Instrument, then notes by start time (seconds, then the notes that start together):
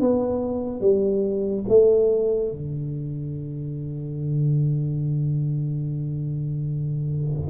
tuba
0.00 B3
0.81 G3
1.68 A3
2.51 D3